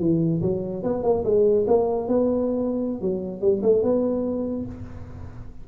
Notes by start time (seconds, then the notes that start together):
0.00 E3
0.42 F#3
0.84 B3
1.03 A#3
1.25 G#3
1.67 A#3
2.08 B3
3.02 F#3
3.42 G3
3.63 A3
3.83 B3